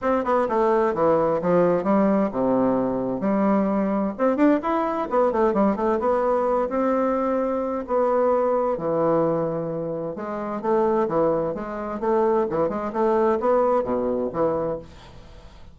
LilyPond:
\new Staff \with { instrumentName = "bassoon" } { \time 4/4 \tempo 4 = 130 c'8 b8 a4 e4 f4 | g4 c2 g4~ | g4 c'8 d'8 e'4 b8 a8 | g8 a8 b4. c'4.~ |
c'4 b2 e4~ | e2 gis4 a4 | e4 gis4 a4 e8 gis8 | a4 b4 b,4 e4 | }